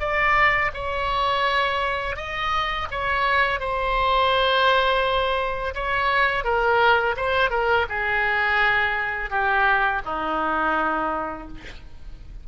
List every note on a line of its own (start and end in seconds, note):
0.00 0.71 D5
0.74 2.17 C#5
2.17 2.88 D#5
2.91 3.60 C#5
3.60 5.74 C5
5.75 6.44 C#5
6.44 7.16 A#4
7.17 7.51 C5
7.51 7.86 A#4
7.89 9.31 G#4
9.31 10.02 G4
10.05 11.48 D#4